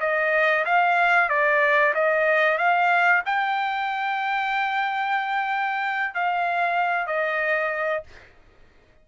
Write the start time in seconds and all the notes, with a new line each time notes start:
0.00 D#5
0.65 F5
1.29 D5
1.94 D#5
2.58 F5
3.26 G5
6.14 F5
7.07 D#5